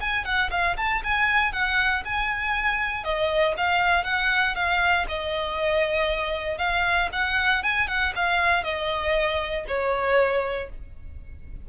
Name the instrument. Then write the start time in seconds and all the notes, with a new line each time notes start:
violin
0.00 G#5
0.24 F#5
0.50 F5
0.77 A5
1.03 G#5
1.52 F#5
2.04 G#5
3.03 D#5
3.57 F5
4.04 F#5
4.55 F5
5.08 D#5
6.58 F5
7.12 F#5
7.63 G#5
7.87 F#5
8.15 F5
8.63 D#5
9.67 C#5